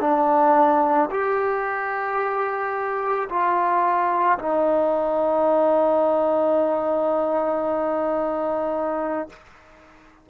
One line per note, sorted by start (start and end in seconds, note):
0.00 1.09 D4
1.11 3.29 G4
3.29 4.38 F4
4.38 9.29 D#4